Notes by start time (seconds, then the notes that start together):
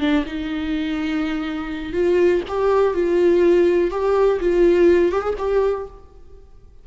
0.00 D4
0.25 D#4
1.93 F4
2.48 G4
2.94 F4
3.91 G4
4.40 F4
5.12 G4
5.22 G#4
5.38 G4